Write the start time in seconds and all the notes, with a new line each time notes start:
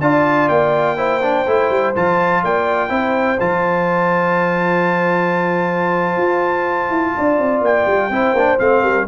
0.00 D4 F4 D5 A5
0.48 A#3 G5
0.97 E4 C5
1.22 D4
1.46 A3 E4
1.70 G3
1.95 F3 F4 A5
2.43 A#3 D5 G5
2.89 C4 E4 C5
3.40 F3 F4 A5
6.17 F4
6.90 E4
7.16 D4 D5
7.38 C4
7.61 A#3 G5
7.86 G3
8.10 C4 E4 C5
8.33 A#3 D4
8.59 A3 C4 F5
8.82 G3 A#4